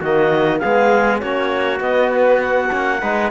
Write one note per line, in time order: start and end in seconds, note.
0.00 0.61 D#3
0.00 0.62 A#3
0.00 0.60 F#4
0.00 0.59 D#5
0.59 1.23 G#3
0.59 1.22 B3
0.59 1.21 G#4
0.59 1.20 F5
1.20 1.80 A#3
1.20 1.79 C#4
1.20 3.01 F#4
1.20 1.80 C#5
1.79 2.69 B3
1.79 2.71 B3
1.79 2.11 D#5
2.13 2.41 B4
2.41 3.31 F#5
2.71 3.02 A#3
2.71 3.02 C#4
3.01 3.31 G#3
3.01 3.31 D#4
3.01 3.31 B4